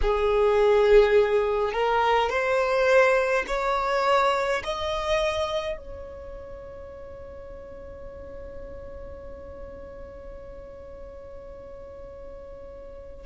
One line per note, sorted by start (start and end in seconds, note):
0.01 1.73 G#4
1.73 2.29 A#4
2.29 3.45 C5
3.47 4.62 C#5
4.63 5.77 D#5
5.77 13.26 C#5